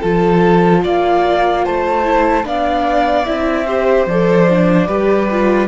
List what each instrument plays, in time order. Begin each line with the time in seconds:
0.00 cello F3, viola F4, violin A4, flute A5
0.83 cello A#3, violin D5, flute F5
1.64 cello A3, violin C5, flute A5
2.04 viola E4
2.44 cello B3, viola D4, violin D5, flute F5
3.25 cello C4, viola E4, flute E5
3.66 viola G4, violin C5
4.06 cello F3, viola A4, flute D5
4.50 viola D4
4.87 cello G3, viola G4, violin B4
5.31 viola F4